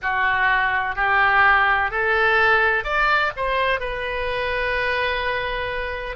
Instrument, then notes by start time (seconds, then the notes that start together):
oboe
0.02 F#4
0.95 G4
1.90 A4
2.84 D5
3.36 C5
3.80 B4